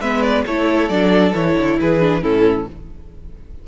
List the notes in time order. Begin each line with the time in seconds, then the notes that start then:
0.00 G#3 B3 B4 E5
0.22 D5
0.46 A3 E4 A4 C#5
0.88 F#3 D4 D5
1.34 E3 E4 C#5
1.58 D3
1.80 E3 G#4 B4
2.00 D4
2.21 A2 C#4 E4 A4